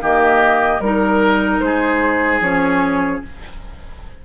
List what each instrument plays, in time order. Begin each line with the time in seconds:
0.00 bassoon D#3, clarinet A#3, oboe G4, flute D#5
0.80 bassoon G3, clarinet D#4, flute A#4, oboe A#4
1.60 bassoon G#3, oboe G#4, flute C5
2.40 bassoon F3, clarinet C#4, flute C#5